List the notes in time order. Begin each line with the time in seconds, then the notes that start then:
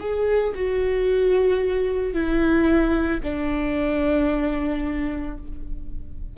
0.00 G#4
0.55 F#4
2.14 E4
3.23 D4